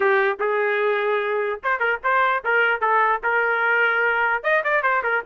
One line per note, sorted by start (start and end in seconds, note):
0.00 0.38 G4
0.39 1.60 G#4
1.63 1.79 C5
1.79 1.99 A#4
2.03 2.43 C5
2.44 2.80 A#4
2.80 3.21 A4
3.23 4.43 A#4
4.43 4.63 D#5
4.63 4.82 D5
4.82 5.02 C5
5.03 5.23 A#4